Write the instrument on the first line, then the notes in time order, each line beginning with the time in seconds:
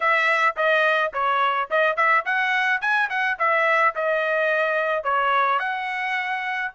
trumpet
0.00 E5
0.56 D#5
1.13 C#5
1.70 D#5
1.96 E5
2.25 F#5
2.81 G#5
3.09 F#5
3.38 E5
3.95 D#5
5.03 C#5
5.59 F#5